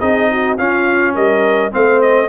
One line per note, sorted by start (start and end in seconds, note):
0.00 0.59 C4
0.00 0.57 D#4
0.00 0.29 G#4
0.00 0.57 D#5
0.31 0.58 F#4
0.58 1.71 C#4
0.58 1.16 C#4
0.58 1.14 F4
0.58 1.15 F5
1.14 1.73 G3
1.14 1.71 A#4
1.14 1.72 D#5
1.71 2.29 A3
1.71 2.28 C4
1.71 2.29 C5
1.71 2.02 F5
2.02 2.29 D#5